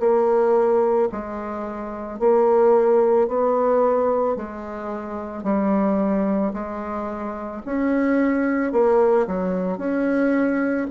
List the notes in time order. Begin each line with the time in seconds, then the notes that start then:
0.00 A#3
1.12 G#3
2.20 A#3
3.28 B3
4.36 G#3
5.43 G3
6.54 G#3
7.66 C#4
8.72 A#3
9.27 F#3
9.78 C#4